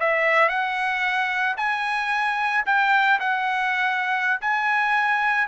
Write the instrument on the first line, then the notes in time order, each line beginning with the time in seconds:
trumpet
0.00 E5
0.49 F#5
1.57 G#5
2.66 G5
3.20 F#5
4.41 G#5